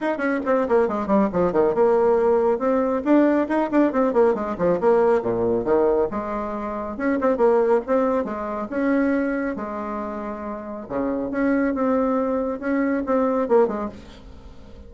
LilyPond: \new Staff \with { instrumentName = "bassoon" } { \time 4/4 \tempo 4 = 138 dis'8 cis'8 c'8 ais8 gis8 g8 f8 dis8 | ais2 c'4 d'4 | dis'8 d'8 c'8 ais8 gis8 f8 ais4 | ais,4 dis4 gis2 |
cis'8 c'8 ais4 c'4 gis4 | cis'2 gis2~ | gis4 cis4 cis'4 c'4~ | c'4 cis'4 c'4 ais8 gis8 | }